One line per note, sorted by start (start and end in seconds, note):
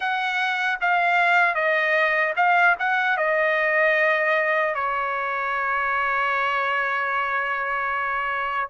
0.00 0.79 F#5
0.80 1.54 F5
1.54 2.33 D#5
2.36 2.75 F5
2.79 3.17 F#5
3.17 4.74 D#5
4.74 8.69 C#5